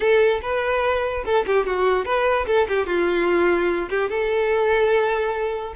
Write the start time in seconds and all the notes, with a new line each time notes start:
0.00 A4
0.42 B4
1.25 A4
1.46 G4
1.66 F#4
2.05 B4
2.47 A4
2.68 G4
2.86 F4
3.89 G4
4.09 A4